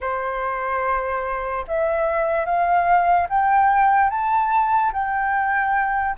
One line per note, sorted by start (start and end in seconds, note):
0.00 1.65 C5
1.67 2.45 E5
2.45 3.27 F5
3.29 4.09 G5
4.09 4.92 A5
4.92 6.16 G5